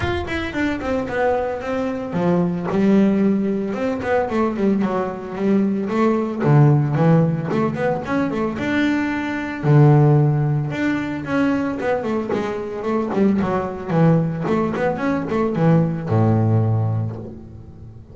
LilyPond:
\new Staff \with { instrumentName = "double bass" } { \time 4/4 \tempo 4 = 112 f'8 e'8 d'8 c'8 b4 c'4 | f4 g2 c'8 b8 | a8 g8 fis4 g4 a4 | d4 e4 a8 b8 cis'8 a8 |
d'2 d2 | d'4 cis'4 b8 a8 gis4 | a8 g8 fis4 e4 a8 b8 | cis'8 a8 e4 a,2 | }